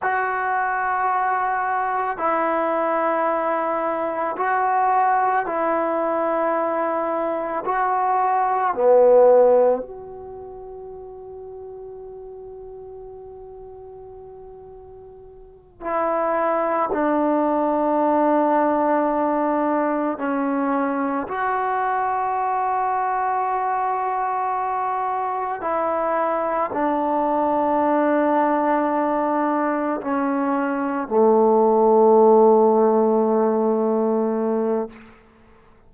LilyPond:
\new Staff \with { instrumentName = "trombone" } { \time 4/4 \tempo 4 = 55 fis'2 e'2 | fis'4 e'2 fis'4 | b4 fis'2.~ | fis'2~ fis'8 e'4 d'8~ |
d'2~ d'8 cis'4 fis'8~ | fis'2.~ fis'8 e'8~ | e'8 d'2. cis'8~ | cis'8 a2.~ a8 | }